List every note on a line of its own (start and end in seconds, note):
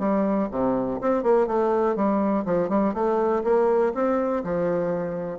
0.00 0.49 G3
0.51 1.01 C3
1.01 1.23 C4
1.23 1.48 A#3
1.48 1.96 A3
1.96 2.45 G3
2.46 2.70 F3
2.70 2.94 G3
2.94 3.43 A3
3.44 3.93 A#3
3.95 4.44 C4
4.44 5.39 F3